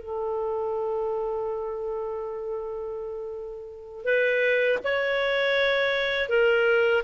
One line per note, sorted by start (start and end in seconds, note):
0.00 4.04 A4
4.04 4.78 B4
4.84 6.29 C#5
6.29 7.03 A#4